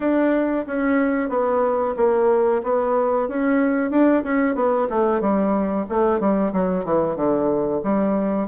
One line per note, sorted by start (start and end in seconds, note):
0.00 0.65 D4
0.66 1.29 C#4
1.29 1.94 B3
1.96 2.61 A#3
2.63 3.28 B3
3.28 3.90 C#4
3.90 4.23 D4
4.23 4.55 C#4
4.55 4.87 B3
4.89 5.21 A3
5.21 5.86 G3
5.89 6.20 A3
6.20 6.52 G3
6.52 6.84 F#3
6.84 7.16 E3
7.16 7.81 D3
7.83 8.48 G3